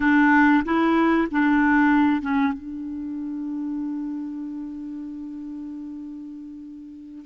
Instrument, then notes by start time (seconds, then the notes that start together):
clarinet
0.00 D4
0.65 E4
1.31 D4
2.21 C#4
2.53 D4